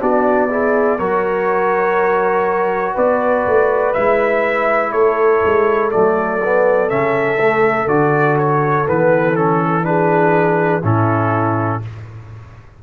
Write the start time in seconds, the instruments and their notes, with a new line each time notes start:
0.00 tuba B3, trombone D4, horn F#4, trumpet D5
0.50 trombone E4, horn G#4
0.99 tuba F#3, trombone F#4, horn A#4, trumpet C#5
2.94 tuba B3, horn B4, trumpet D5
3.47 tuba A3
3.94 tuba G#3, trombone E4, trumpet E5
4.92 tuba A3, horn A4, trumpet C#5
5.44 tuba G#3
5.92 tuba F#3, trombone A3, trumpet D5
6.43 trombone B3
6.89 tuba C#3, trombone C#4, trumpet E5
7.39 trombone A3
7.86 tuba D3, trombone F#4, trumpet D5
8.39 trumpet C#5
8.86 tuba E3, trombone B3, trumpet B4
9.36 trombone C#4, trumpet A4
9.84 trombone D4, horn G#4, trumpet B4
10.83 tuba A2, trombone C#4, horn E4, trumpet A4